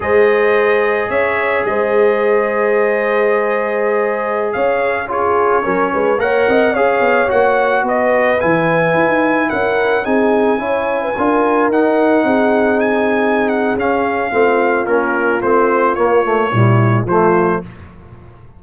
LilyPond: <<
  \new Staff \with { instrumentName = "trumpet" } { \time 4/4 \tempo 4 = 109 dis''2 e''4 dis''4~ | dis''1~ | dis''16 f''4 cis''2 fis''8.~ | fis''16 f''4 fis''4 dis''4 gis''8.~ |
gis''4~ gis''16 fis''4 gis''4.~ gis''16~ | gis''4~ gis''16 fis''2 gis''8.~ | gis''8 fis''8 f''2 ais'4 | c''4 cis''2 c''4 | }
  \new Staff \with { instrumentName = "horn" } { \time 4/4 c''2 cis''4 c''4~ | c''1~ | c''16 cis''4 gis'4 ais'8 b'8 cis''8 dis''16~ | dis''16 cis''2 b'4.~ b'16~ |
b'4~ b'16 ais'4 gis'4 cis''8. | b'16 ais'2 gis'4.~ gis'16~ | gis'2 f'2~ | f'2 e'4 f'4 | }
  \new Staff \with { instrumentName = "trombone" } { \time 4/4 gis'1~ | gis'1~ | gis'4~ gis'16 f'4 cis'4 ais'8.~ | ais'16 gis'4 fis'2 e'8.~ |
e'2~ e'16 dis'4 e'8.~ | e'16 f'4 dis'2~ dis'8.~ | dis'4 cis'4 c'4 cis'4 | c'4 ais8 a8 g4 a4 | }
  \new Staff \with { instrumentName = "tuba" } { \time 4/4 gis2 cis'4 gis4~ | gis1~ | gis16 cis'2 fis8 gis8 ais8 c'16~ | c'16 cis'8 b8 ais4 b4 e8.~ |
e16 e'16 dis'8. cis'4 c'4 cis'8.~ | cis'16 d'4 dis'4 c'4.~ c'16~ | c'4 cis'4 a4 ais4 | a4 ais4 ais,4 f4 | }
>>